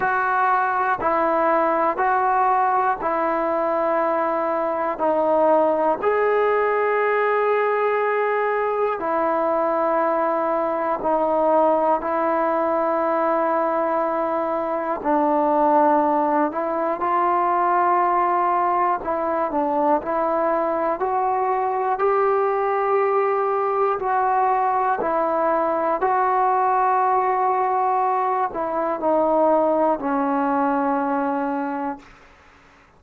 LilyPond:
\new Staff \with { instrumentName = "trombone" } { \time 4/4 \tempo 4 = 60 fis'4 e'4 fis'4 e'4~ | e'4 dis'4 gis'2~ | gis'4 e'2 dis'4 | e'2. d'4~ |
d'8 e'8 f'2 e'8 d'8 | e'4 fis'4 g'2 | fis'4 e'4 fis'2~ | fis'8 e'8 dis'4 cis'2 | }